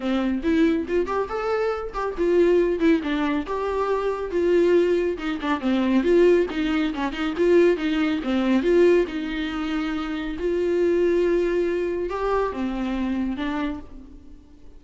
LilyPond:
\new Staff \with { instrumentName = "viola" } { \time 4/4 \tempo 4 = 139 c'4 e'4 f'8 g'8 a'4~ | a'8 g'8 f'4. e'8 d'4 | g'2 f'2 | dis'8 d'8 c'4 f'4 dis'4 |
cis'8 dis'8 f'4 dis'4 c'4 | f'4 dis'2. | f'1 | g'4 c'2 d'4 | }